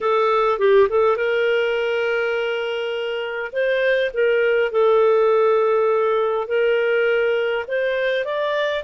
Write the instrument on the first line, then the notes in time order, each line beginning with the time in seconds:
clarinet
0.00 A4
0.58 G4
0.89 A4
1.16 A#4
3.52 C5
4.13 A#4
4.71 A4
6.47 A#4
7.67 C5
8.24 D5